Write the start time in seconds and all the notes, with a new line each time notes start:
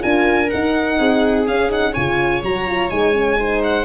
0.00 D4 F4 A#4 G#5
0.50 D#4 F#5
0.98 C4 G#4
1.48 C#4 F5
1.69 D#4 F#5
1.93 C#3 F4 C#5 G#5
2.43 F#3 F#4 A#5
2.67 F4
2.90 G#3 D#4 G#5
3.13 C#4
3.39 D#4 C5
3.64 F#5